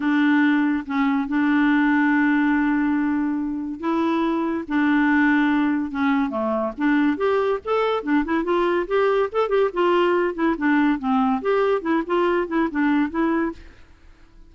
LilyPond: \new Staff \with { instrumentName = "clarinet" } { \time 4/4 \tempo 4 = 142 d'2 cis'4 d'4~ | d'1~ | d'4 e'2 d'4~ | d'2 cis'4 a4 |
d'4 g'4 a'4 d'8 e'8 | f'4 g'4 a'8 g'8 f'4~ | f'8 e'8 d'4 c'4 g'4 | e'8 f'4 e'8 d'4 e'4 | }